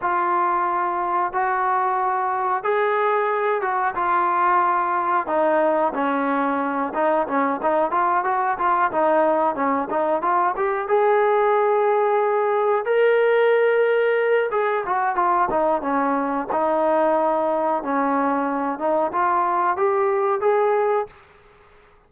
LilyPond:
\new Staff \with { instrumentName = "trombone" } { \time 4/4 \tempo 4 = 91 f'2 fis'2 | gis'4. fis'8 f'2 | dis'4 cis'4. dis'8 cis'8 dis'8 | f'8 fis'8 f'8 dis'4 cis'8 dis'8 f'8 |
g'8 gis'2. ais'8~ | ais'2 gis'8 fis'8 f'8 dis'8 | cis'4 dis'2 cis'4~ | cis'8 dis'8 f'4 g'4 gis'4 | }